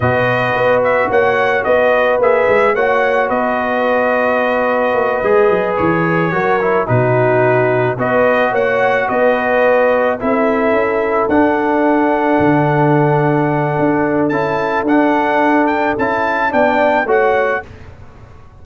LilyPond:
<<
  \new Staff \with { instrumentName = "trumpet" } { \time 4/4 \tempo 4 = 109 dis''4. e''8 fis''4 dis''4 | e''4 fis''4 dis''2~ | dis''2~ dis''8 cis''4.~ | cis''8 b'2 dis''4 fis''8~ |
fis''8 dis''2 e''4.~ | e''8 fis''2.~ fis''8~ | fis''2 a''4 fis''4~ | fis''8 g''8 a''4 g''4 fis''4 | }
  \new Staff \with { instrumentName = "horn" } { \time 4/4 b'2 cis''4 b'4~ | b'4 cis''4 b'2~ | b'2.~ b'8 ais'8~ | ais'8 fis'2 b'4 cis''8~ |
cis''8 b'2 a'4.~ | a'1~ | a'1~ | a'2 d''4 cis''4 | }
  \new Staff \with { instrumentName = "trombone" } { \time 4/4 fis'1 | gis'4 fis'2.~ | fis'4. gis'2 fis'8 | e'8 dis'2 fis'4.~ |
fis'2~ fis'8 e'4.~ | e'8 d'2.~ d'8~ | d'2 e'4 d'4~ | d'4 e'4 d'4 fis'4 | }
  \new Staff \with { instrumentName = "tuba" } { \time 4/4 b,4 b4 ais4 b4 | ais8 gis8 ais4 b2~ | b4 ais8 gis8 fis8 e4 fis8~ | fis8 b,2 b4 ais8~ |
ais8 b2 c'4 cis'8~ | cis'8 d'2 d4.~ | d4 d'4 cis'4 d'4~ | d'4 cis'4 b4 a4 | }
>>